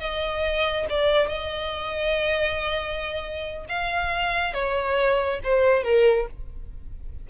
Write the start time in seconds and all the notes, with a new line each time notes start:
0.00 D#5
0.90 D5
1.29 D#5
3.69 F5
4.54 C#5
5.44 C5
5.84 A#4